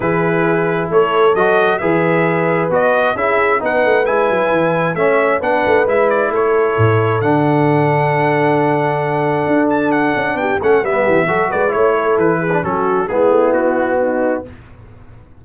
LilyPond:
<<
  \new Staff \with { instrumentName = "trumpet" } { \time 4/4 \tempo 4 = 133 b'2 cis''4 dis''4 | e''2 dis''4 e''4 | fis''4 gis''2 e''4 | fis''4 e''8 d''8 cis''2 |
fis''1~ | fis''4. a''8 fis''4 g''8 fis''8 | e''4. d''8 cis''4 b'4 | a'4 gis'4 fis'2 | }
  \new Staff \with { instrumentName = "horn" } { \time 4/4 gis'2 a'2 | b'2. gis'4 | b'2. cis''4 | b'2 a'2~ |
a'1~ | a'2. g'8 a'8 | b'8 g'8 a'8 b'8 cis''8 a'4 gis'8 | fis'4 e'2 dis'4 | }
  \new Staff \with { instrumentName = "trombone" } { \time 4/4 e'2. fis'4 | gis'2 fis'4 e'4 | dis'4 e'2 cis'4 | d'4 e'2. |
d'1~ | d'2.~ d'8 cis'8 | b4 fis'4 e'4.~ e'16 d'16 | cis'4 b2. | }
  \new Staff \with { instrumentName = "tuba" } { \time 4/4 e2 a4 fis4 | e2 b4 cis'4 | b8 a8 gis8 fis8 e4 a4 | b8 a8 gis4 a4 a,4 |
d1~ | d4 d'4. cis'8 b8 a8 | g8 e8 fis8 gis8 a4 e4 | fis4 gis8 a8 b2 | }
>>